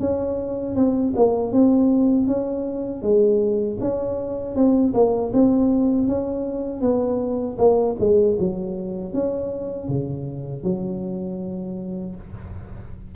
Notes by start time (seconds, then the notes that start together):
0.00 C#4
0.75 C4
1.16 A#3
1.52 C4
2.27 C#4
3.02 G#3
3.80 C#4
4.56 C4
4.94 A#3
5.33 C4
6.07 C#4
6.81 B3
7.58 A#3
8.00 G#3
8.39 F#3
9.13 C#4
9.88 C#3
10.64 F#3